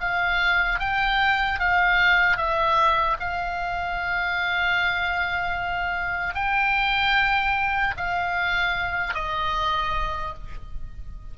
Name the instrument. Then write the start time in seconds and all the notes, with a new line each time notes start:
oboe
0.00 F5
0.80 G5
1.60 F5
2.37 E5
3.20 F5
6.35 G5
7.97 F5
9.15 D#5